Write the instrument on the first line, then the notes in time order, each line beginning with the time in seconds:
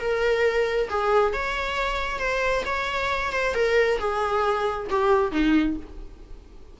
viola
0.00 A#4
0.90 G#4
1.33 C#5
2.19 C5
2.66 C#5
3.32 C5
3.54 A#4
3.99 G#4
4.90 G4
5.32 D#4